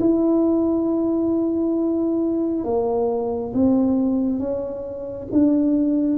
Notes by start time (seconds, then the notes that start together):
0.00 E4
2.65 A#3
3.54 C4
4.40 C#4
5.32 D4